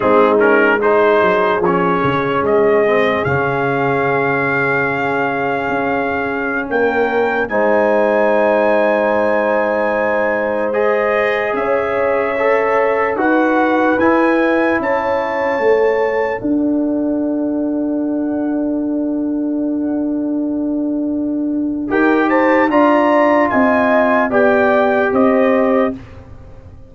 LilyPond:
<<
  \new Staff \with { instrumentName = "trumpet" } { \time 4/4 \tempo 4 = 74 gis'8 ais'8 c''4 cis''4 dis''4 | f''1~ | f''16 g''4 gis''2~ gis''8.~ | gis''4~ gis''16 dis''4 e''4.~ e''16~ |
e''16 fis''4 gis''4 a''4.~ a''16~ | a''16 fis''2.~ fis''8.~ | fis''2. g''8 a''8 | ais''4 gis''4 g''4 dis''4 | }
  \new Staff \with { instrumentName = "horn" } { \time 4/4 dis'4 gis'2.~ | gis'1~ | gis'16 ais'4 c''2~ c''8.~ | c''2~ c''16 cis''4.~ cis''16~ |
cis''16 b'2 cis''4.~ cis''16~ | cis''16 d''2.~ d''8.~ | d''2. ais'8 c''8 | d''4 dis''4 d''4 c''4 | }
  \new Staff \with { instrumentName = "trombone" } { \time 4/4 c'8 cis'8 dis'4 cis'4. c'8 | cis'1~ | cis'4~ cis'16 dis'2~ dis'8.~ | dis'4~ dis'16 gis'2 a'8.~ |
a'16 fis'4 e'2 a'8.~ | a'1~ | a'2. g'4 | f'2 g'2 | }
  \new Staff \with { instrumentName = "tuba" } { \time 4/4 gis4. fis8 f8 cis8 gis4 | cis2. cis'4~ | cis'16 ais4 gis2~ gis8.~ | gis2~ gis16 cis'4.~ cis'16~ |
cis'16 dis'4 e'4 cis'4 a8.~ | a16 d'2.~ d'8.~ | d'2. dis'4 | d'4 c'4 b4 c'4 | }
>>